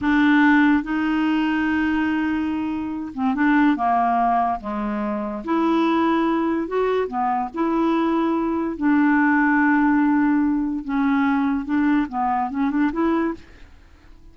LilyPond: \new Staff \with { instrumentName = "clarinet" } { \time 4/4 \tempo 4 = 144 d'2 dis'2~ | dis'2.~ dis'8 c'8 | d'4 ais2 gis4~ | gis4 e'2. |
fis'4 b4 e'2~ | e'4 d'2.~ | d'2 cis'2 | d'4 b4 cis'8 d'8 e'4 | }